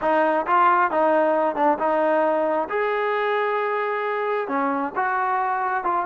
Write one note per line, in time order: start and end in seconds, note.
0.01 0.46 D#4
0.46 0.90 F4
0.90 1.55 D#4
1.55 1.77 D4
1.78 2.68 D#4
2.69 4.48 G#4
4.48 4.93 C#4
4.95 5.84 F#4
5.84 6.05 F4